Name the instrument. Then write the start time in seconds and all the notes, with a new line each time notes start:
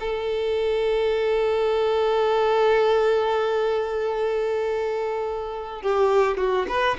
violin
0.00 A4
5.82 G4
6.37 F#4
6.68 B4